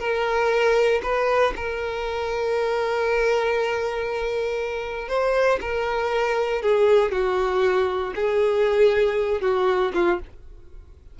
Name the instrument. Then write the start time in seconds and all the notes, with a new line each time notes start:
violin
0.00 A#4
1.03 B4
1.56 A#4
5.09 C5
5.61 A#4
6.62 G#4
7.12 F#4
8.16 G#4
9.42 F#4
9.95 F4